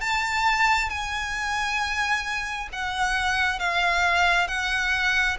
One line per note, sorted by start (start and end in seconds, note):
0.00 0.90 A5
0.90 2.69 G#5
2.72 3.59 F#5
3.59 4.47 F5
4.47 5.37 F#5